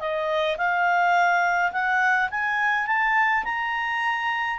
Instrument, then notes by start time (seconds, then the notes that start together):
clarinet
0.00 D#5
0.58 F5
1.73 F#5
2.31 G#5
2.87 A5
3.45 A#5